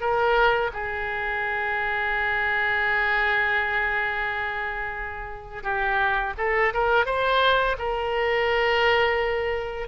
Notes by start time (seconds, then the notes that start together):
0.00 A#4
0.73 G#4
5.63 G4
6.38 A4
6.73 A#4
7.06 C5
7.78 A#4